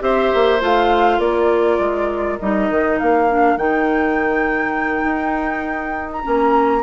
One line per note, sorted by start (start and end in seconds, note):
0.00 0.32 C4
0.00 0.59 G4
0.00 1.18 C5
0.00 0.62 E5
0.34 0.62 A#3
0.61 1.19 A3
0.61 2.39 F4
0.61 1.20 F5
1.18 1.79 A#3
1.18 6.83 A#4
1.18 2.39 D5
1.79 2.38 G#3
2.39 2.70 G3
2.39 3.30 D#4
2.39 2.99 D#5
2.70 3.00 D#3
2.99 3.57 A#3
2.99 3.58 F5
3.30 3.58 D4
3.57 5.04 D#3
3.57 6.23 D#4
3.57 6.10 G5
5.04 6.23 D#4
6.12 6.84 A#5
6.23 6.84 A#3
6.23 6.82 C#4